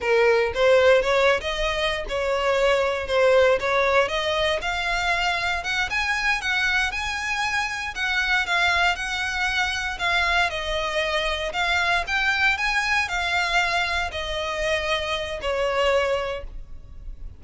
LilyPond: \new Staff \with { instrumentName = "violin" } { \time 4/4 \tempo 4 = 117 ais'4 c''4 cis''8. dis''4~ dis''16 | cis''2 c''4 cis''4 | dis''4 f''2 fis''8 gis''8~ | gis''8 fis''4 gis''2 fis''8~ |
fis''8 f''4 fis''2 f''8~ | f''8 dis''2 f''4 g''8~ | g''8 gis''4 f''2 dis''8~ | dis''2 cis''2 | }